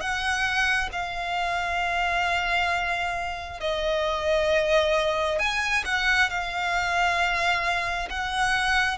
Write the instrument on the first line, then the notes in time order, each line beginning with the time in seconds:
violin
0.00 F#5
0.92 F5
3.60 D#5
5.39 G#5
5.85 F#5
6.30 F5
8.10 F#5